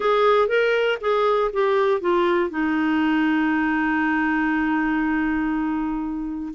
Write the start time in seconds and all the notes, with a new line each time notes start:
0.00 G#4
0.48 A#4
1.01 G#4
1.52 G4
2.00 F4
2.50 D#4